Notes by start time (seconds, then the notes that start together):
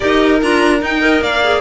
0.00 D#4 G4 A#4 D#5
0.41 D4 F4 A#5
0.80 D#4 G5
1.00 A#4 D#5
1.21 A#3 D5 F5
1.43 G#4